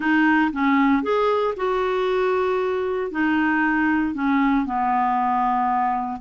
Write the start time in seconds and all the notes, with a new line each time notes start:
0.00 D#4
0.52 C#4
1.02 G#4
1.56 F#4
3.11 D#4
4.14 C#4
4.65 B3